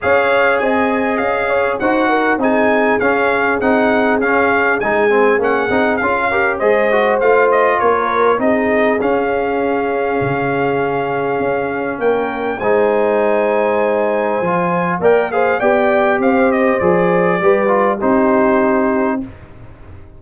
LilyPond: <<
  \new Staff \with { instrumentName = "trumpet" } { \time 4/4 \tempo 4 = 100 f''4 gis''4 f''4 fis''4 | gis''4 f''4 fis''4 f''4 | gis''4 fis''4 f''4 dis''4 | f''8 dis''8 cis''4 dis''4 f''4~ |
f''1 | g''4 gis''2.~ | gis''4 g''8 f''8 g''4 f''8 dis''8 | d''2 c''2 | }
  \new Staff \with { instrumentName = "horn" } { \time 4/4 cis''4 dis''4. cis''8 c''8 ais'8 | gis'1~ | gis'2~ gis'8 ais'8 c''4~ | c''4 ais'4 gis'2~ |
gis'1 | ais'4 c''2.~ | c''4 d''8 c''8 d''4 c''4~ | c''4 b'4 g'2 | }
  \new Staff \with { instrumentName = "trombone" } { \time 4/4 gis'2. fis'4 | dis'4 cis'4 dis'4 cis'4 | dis'8 c'8 cis'8 dis'8 f'8 g'8 gis'8 fis'8 | f'2 dis'4 cis'4~ |
cis'1~ | cis'4 dis'2. | f'4 ais'8 gis'8 g'2 | gis'4 g'8 f'8 dis'2 | }
  \new Staff \with { instrumentName = "tuba" } { \time 4/4 cis'4 c'4 cis'4 dis'4 | c'4 cis'4 c'4 cis'4 | gis4 ais8 c'8 cis'4 gis4 | a4 ais4 c'4 cis'4~ |
cis'4 cis2 cis'4 | ais4 gis2. | f4 ais4 b4 c'4 | f4 g4 c'2 | }
>>